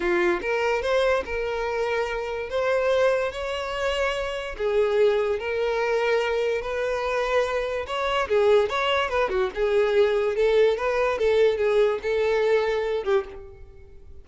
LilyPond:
\new Staff \with { instrumentName = "violin" } { \time 4/4 \tempo 4 = 145 f'4 ais'4 c''4 ais'4~ | ais'2 c''2 | cis''2. gis'4~ | gis'4 ais'2. |
b'2. cis''4 | gis'4 cis''4 b'8 fis'8 gis'4~ | gis'4 a'4 b'4 a'4 | gis'4 a'2~ a'8 g'8 | }